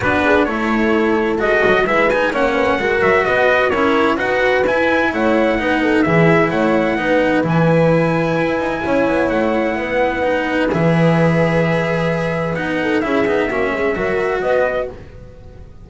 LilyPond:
<<
  \new Staff \with { instrumentName = "trumpet" } { \time 4/4 \tempo 4 = 129 b'4 cis''2 dis''4 | e''8 gis''8 fis''4. e''8 dis''4 | cis''4 fis''4 gis''4 fis''4~ | fis''4 e''4 fis''2 |
gis''1 | fis''2. e''4~ | e''2. fis''4 | e''2. dis''4 | }
  \new Staff \with { instrumentName = "horn" } { \time 4/4 fis'8 gis'8 a'2. | b'4 cis''8 b'8 ais'4 b'4 | ais'4 b'2 cis''4 | b'8 a'8 gis'4 cis''4 b'4~ |
b'2. cis''4~ | cis''4 b'2.~ | b'2.~ b'8 a'8 | gis'4 fis'8 gis'8 ais'4 b'4 | }
  \new Staff \with { instrumentName = "cello" } { \time 4/4 d'4 e'2 fis'4 | e'8 dis'8 cis'4 fis'2 | e'4 fis'4 e'2 | dis'4 e'2 dis'4 |
e'1~ | e'2 dis'4 gis'4~ | gis'2. dis'4 | e'8 dis'8 cis'4 fis'2 | }
  \new Staff \with { instrumentName = "double bass" } { \time 4/4 b4 a2 gis8 fis8 | gis4 ais4 gis8 fis8 b4 | cis'4 dis'4 e'4 a4 | b4 e4 a4 b4 |
e2 e'8 dis'8 cis'8 b8 | a4 b2 e4~ | e2. b4 | cis'8 b8 ais8 gis8 fis4 b4 | }
>>